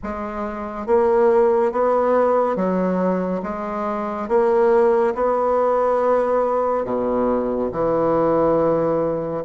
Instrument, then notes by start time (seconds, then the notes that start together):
bassoon
0.03 G#3
0.86 A#3
1.72 B3
2.56 F#3
3.42 G#3
4.28 A#3
5.14 B3
6.84 B2
7.71 E3